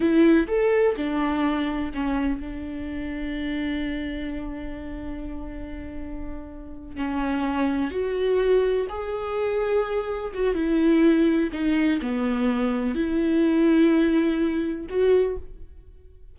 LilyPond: \new Staff \with { instrumentName = "viola" } { \time 4/4 \tempo 4 = 125 e'4 a'4 d'2 | cis'4 d'2.~ | d'1~ | d'2~ d'8 cis'4.~ |
cis'8 fis'2 gis'4.~ | gis'4. fis'8 e'2 | dis'4 b2 e'4~ | e'2. fis'4 | }